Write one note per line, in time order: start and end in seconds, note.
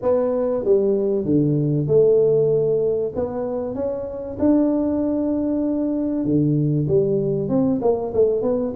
0.02 0.64 B3
0.64 1.25 G3
1.25 1.87 D3
1.87 3.12 A3
3.15 3.74 B3
3.74 4.37 C#4
4.39 6.24 D4
6.24 6.87 D3
6.87 7.49 G3
7.49 7.80 C4
7.81 8.12 A#3
8.14 8.42 A3
8.42 8.73 B3